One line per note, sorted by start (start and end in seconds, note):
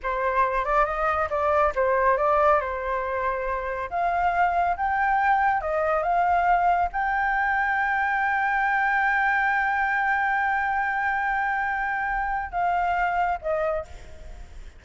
0.02 0.64 C5
0.64 0.85 D5
0.85 1.28 D#5
1.29 1.73 D5
1.75 2.17 C5
2.17 2.60 D5
2.60 3.89 C5
3.90 4.76 F5
4.76 5.61 G5
5.61 6.03 D#5
6.03 6.89 F5
6.92 12.51 G5
12.51 13.38 F5
13.41 13.84 D#5